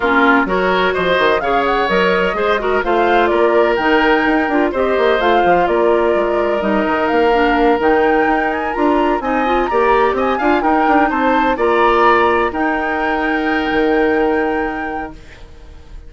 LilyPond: <<
  \new Staff \with { instrumentName = "flute" } { \time 4/4 \tempo 4 = 127 ais'4 cis''4 dis''4 f''8 fis''8 | dis''2 f''4 d''4 | g''2 dis''4 f''4 | d''2 dis''4 f''4~ |
f''8 g''4. gis''8 ais''4 gis''8~ | gis''8 ais''4 gis''4 g''4 a''8~ | a''8 ais''2 g''4.~ | g''1 | }
  \new Staff \with { instrumentName = "oboe" } { \time 4/4 f'4 ais'4 c''4 cis''4~ | cis''4 c''8 ais'8 c''4 ais'4~ | ais'2 c''2 | ais'1~ |
ais'2.~ ais'8 dis''8~ | dis''8 d''4 dis''8 f''8 ais'4 c''8~ | c''8 d''2 ais'4.~ | ais'1 | }
  \new Staff \with { instrumentName = "clarinet" } { \time 4/4 cis'4 fis'2 gis'4 | ais'4 gis'8 fis'8 f'2 | dis'4. f'8 g'4 f'4~ | f'2 dis'4. d'8~ |
d'8 dis'2 f'4 dis'8 | f'8 g'4. f'8 dis'4.~ | dis'8 f'2 dis'4.~ | dis'1 | }
  \new Staff \with { instrumentName = "bassoon" } { \time 4/4 ais4 fis4 f8 dis8 cis4 | fis4 gis4 a4 ais4 | dis4 dis'8 d'8 c'8 ais8 a8 f8 | ais4 gis4 g8 dis8 ais4~ |
ais8 dis4 dis'4 d'4 c'8~ | c'8 ais4 c'8 d'8 dis'8 d'8 c'8~ | c'8 ais2 dis'4.~ | dis'4 dis2. | }
>>